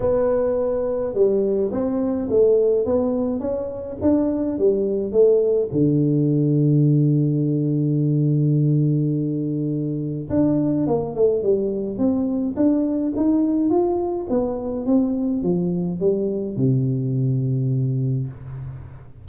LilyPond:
\new Staff \with { instrumentName = "tuba" } { \time 4/4 \tempo 4 = 105 b2 g4 c'4 | a4 b4 cis'4 d'4 | g4 a4 d2~ | d1~ |
d2 d'4 ais8 a8 | g4 c'4 d'4 dis'4 | f'4 b4 c'4 f4 | g4 c2. | }